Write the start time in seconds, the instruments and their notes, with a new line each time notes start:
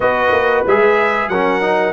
0.00 tuba B3, trombone F#4, horn B4, trumpet D#5
0.31 tuba A#3
0.66 tuba G#3, trombone G#4, trumpet E5
1.28 tuba F#3, trombone C#4, horn A#4, trumpet F#5
1.61 trombone D#4